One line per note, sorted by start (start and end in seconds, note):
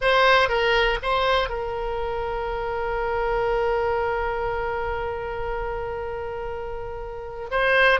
0.01 0.49 C5
0.49 0.99 A#4
1.02 1.49 C5
1.49 7.49 A#4
7.50 8.00 C5